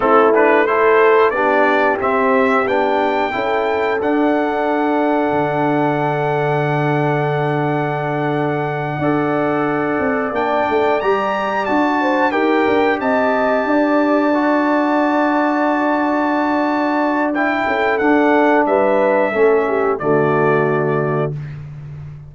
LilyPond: <<
  \new Staff \with { instrumentName = "trumpet" } { \time 4/4 \tempo 4 = 90 a'8 b'8 c''4 d''4 e''4 | g''2 fis''2~ | fis''1~ | fis''2.~ fis''8 g''8~ |
g''8 ais''4 a''4 g''4 a''8~ | a''1~ | a''2 g''4 fis''4 | e''2 d''2 | }
  \new Staff \with { instrumentName = "horn" } { \time 4/4 e'4 a'4 g'2~ | g'4 a'2.~ | a'1~ | a'4. d''2~ d''8~ |
d''2 c''8 ais'4 dis''8~ | dis''8 d''2.~ d''8~ | d''2~ d''8 a'4. | b'4 a'8 g'8 fis'2 | }
  \new Staff \with { instrumentName = "trombone" } { \time 4/4 c'8 d'8 e'4 d'4 c'4 | d'4 e'4 d'2~ | d'1~ | d'4. a'2 d'8~ |
d'8 g'4 fis'4 g'4.~ | g'4. fis'2~ fis'8~ | fis'2 e'4 d'4~ | d'4 cis'4 a2 | }
  \new Staff \with { instrumentName = "tuba" } { \time 4/4 a2 b4 c'4 | b4 cis'4 d'2 | d1~ | d4. d'4. c'8 ais8 |
a8 g4 d'4 dis'8 d'8 c'8~ | c'8 d'2.~ d'8~ | d'2~ d'8 cis'8 d'4 | g4 a4 d2 | }
>>